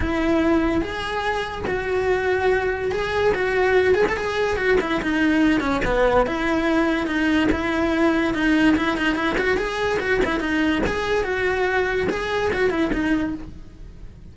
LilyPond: \new Staff \with { instrumentName = "cello" } { \time 4/4 \tempo 4 = 144 e'2 gis'2 | fis'2. gis'4 | fis'4. gis'16 a'16 gis'4 fis'8 e'8 | dis'4. cis'8 b4 e'4~ |
e'4 dis'4 e'2 | dis'4 e'8 dis'8 e'8 fis'8 gis'4 | fis'8 e'8 dis'4 gis'4 fis'4~ | fis'4 gis'4 fis'8 e'8 dis'4 | }